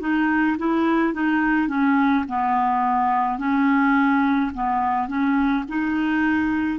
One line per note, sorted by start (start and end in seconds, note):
0.00 0.57 D#4
0.58 1.13 E4
1.13 1.68 D#4
1.68 2.24 C#4
2.28 3.39 B3
3.39 4.52 C#4
4.54 5.08 B3
5.08 5.64 C#4
5.68 6.79 D#4